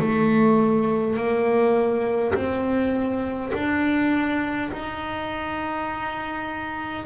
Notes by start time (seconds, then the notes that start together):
0.00 A3
1.17 A#3
2.35 C4
3.54 D4
4.73 D#4